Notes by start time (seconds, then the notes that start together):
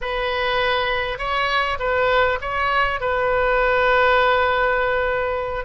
0.01 B4
1.18 C#5
1.79 B4
2.41 C#5
3.00 B4